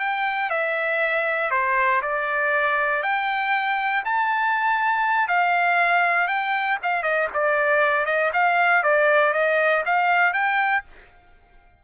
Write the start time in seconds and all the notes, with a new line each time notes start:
0.00 G5
0.50 E5
1.51 C5
2.02 D5
3.03 G5
4.05 A5
5.28 F5
6.28 G5
6.83 F5
7.03 D#5
7.34 D5
8.06 D#5
8.33 F5
8.83 D5
9.33 D#5
9.86 F5
10.34 G5